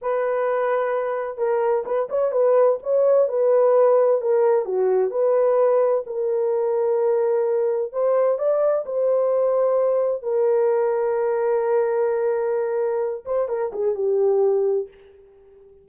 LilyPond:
\new Staff \with { instrumentName = "horn" } { \time 4/4 \tempo 4 = 129 b'2. ais'4 | b'8 cis''8 b'4 cis''4 b'4~ | b'4 ais'4 fis'4 b'4~ | b'4 ais'2.~ |
ais'4 c''4 d''4 c''4~ | c''2 ais'2~ | ais'1~ | ais'8 c''8 ais'8 gis'8 g'2 | }